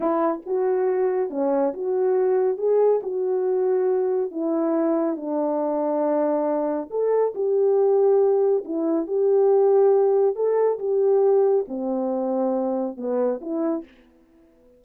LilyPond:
\new Staff \with { instrumentName = "horn" } { \time 4/4 \tempo 4 = 139 e'4 fis'2 cis'4 | fis'2 gis'4 fis'4~ | fis'2 e'2 | d'1 |
a'4 g'2. | e'4 g'2. | a'4 g'2 c'4~ | c'2 b4 e'4 | }